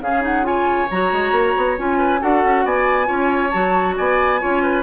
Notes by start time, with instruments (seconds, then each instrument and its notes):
0.00 bassoon C#3, clarinet C#4, oboe G#4, flute F5
0.21 clarinet D#4, flute F#5
0.43 clarinet F4, oboe C#5, flute G#5
0.90 bassoon F#3, clarinet F#4, flute A#5
1.12 bassoon G#3
1.31 bassoon A#3
1.57 bassoon B3
1.77 bassoon C#4, clarinet F4, flute G#5
1.98 oboe B4
2.19 bassoon D4, clarinet F#4, oboe A4, flute F#5
2.44 bassoon C#4
2.65 bassoon B3, oboe D5, flute G#5
3.05 bassoon C#4, clarinet F4, oboe C#5
3.50 bassoon F#3, clarinet F#4, flute A5
3.96 bassoon B3, oboe D5, flute G#5
4.39 bassoon C#4, clarinet F4, oboe C#5
4.62 oboe B4